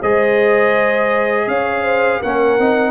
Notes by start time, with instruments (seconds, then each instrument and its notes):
0.00 tuba G#3, trombone G#4, horn C5, trumpet D#5
1.47 tuba C#4, horn C#5, trumpet F5
1.82 horn C5
2.19 tuba A#3, trombone C#4, horn A#4, trumpet F#5
2.58 tuba C4, trombone D#4